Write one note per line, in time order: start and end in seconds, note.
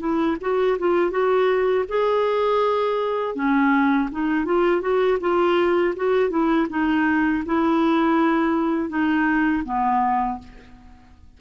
0.00 0.37 E4
0.41 0.78 F#4
0.79 1.11 F4
1.11 1.85 F#4
1.89 3.35 G#4
3.35 4.09 C#4
4.12 4.45 D#4
4.45 4.81 F4
4.81 5.19 F#4
5.21 5.95 F4
5.96 6.30 F#4
6.30 6.67 E4
6.70 7.44 D#4
7.46 8.89 E4
8.89 9.63 D#4
9.65 10.39 B3